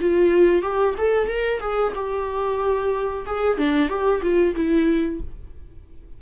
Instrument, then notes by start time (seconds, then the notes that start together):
viola
0.00 F4
0.62 G4
0.98 A4
1.27 A#4
1.60 G#4
1.94 G4
3.26 G#4
3.58 D4
3.88 G4
4.22 F4
4.55 E4